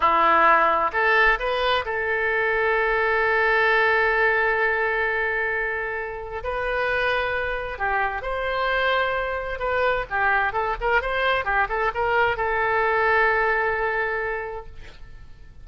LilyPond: \new Staff \with { instrumentName = "oboe" } { \time 4/4 \tempo 4 = 131 e'2 a'4 b'4 | a'1~ | a'1~ | a'2 b'2~ |
b'4 g'4 c''2~ | c''4 b'4 g'4 a'8 ais'8 | c''4 g'8 a'8 ais'4 a'4~ | a'1 | }